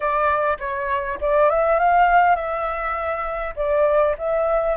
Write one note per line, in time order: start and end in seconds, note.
0.00 0.57 D5
0.59 1.18 C#5
1.20 1.49 D5
1.49 1.79 E5
1.79 2.35 F5
2.35 3.54 E5
3.56 4.15 D5
4.17 4.77 E5